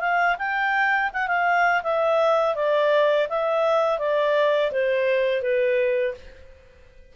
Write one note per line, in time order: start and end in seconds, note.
0.00 0.36 F5
0.39 1.11 G5
1.13 1.28 F#5
1.28 1.82 F5
1.83 2.55 E5
2.55 3.28 D5
3.29 3.99 E5
3.99 4.71 D5
4.72 5.42 C5
5.42 6.14 B4